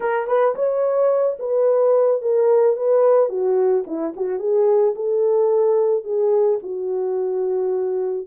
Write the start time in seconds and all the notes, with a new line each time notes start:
0.00 A#4
0.27 B4
0.55 C#5
1.39 B4
2.21 A#4
2.76 B4
3.29 F#4
3.86 E4
4.16 F#4
4.39 G#4
4.95 A4
6.04 G#4
6.62 F#4